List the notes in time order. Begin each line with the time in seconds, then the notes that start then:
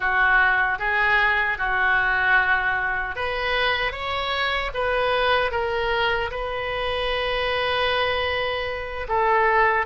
0.00 F#4
0.79 G#4
1.58 F#4
3.15 B4
3.92 C#5
4.74 B4
5.51 A#4
6.31 B4
9.08 A4